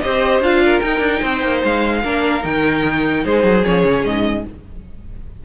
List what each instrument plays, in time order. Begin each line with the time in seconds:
0.00 cello C4, viola G4, violin C5 D#5
0.40 cello D4, viola F4, violin F5
0.64 violin A#4
0.80 viola D#4, cello D#4, violin G5
0.99 cello D4
1.20 cello C4, violin C5
1.43 cello A#3
1.64 cello G#3, violin F5
2.03 cello A#3, viola D4, violin A#4
2.42 cello D#3, viola D#4, violin G5
3.24 cello G#3, violin G#4 C5
3.44 cello F#3
3.63 cello F3, viola C#4, violin C#5
3.83 cello C#3
4.04 cello G#2, violin D#5